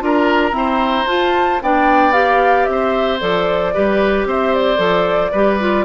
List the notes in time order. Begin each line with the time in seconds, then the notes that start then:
0.00 D4 F4 A#4 A#5
0.51 C4 E4 C5
1.07 F4 A5
1.62 B3 D4 D5 G5
2.12 G4 F5
2.65 C4 E5
2.71 C5
3.20 F3 A4 D5
3.74 G3 G4 B4
4.25 C4 C5 E5
4.54 D5
4.77 F3 A4
5.32 G3 G4 B4
5.60 F4